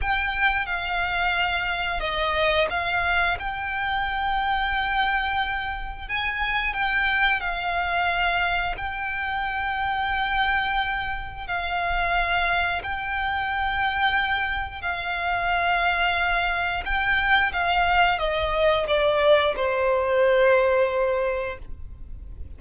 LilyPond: \new Staff \with { instrumentName = "violin" } { \time 4/4 \tempo 4 = 89 g''4 f''2 dis''4 | f''4 g''2.~ | g''4 gis''4 g''4 f''4~ | f''4 g''2.~ |
g''4 f''2 g''4~ | g''2 f''2~ | f''4 g''4 f''4 dis''4 | d''4 c''2. | }